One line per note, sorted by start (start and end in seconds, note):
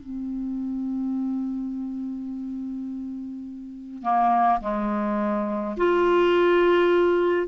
0.00 4.03 C4
4.03 4.60 A#3
4.61 5.76 G#3
5.77 7.48 F4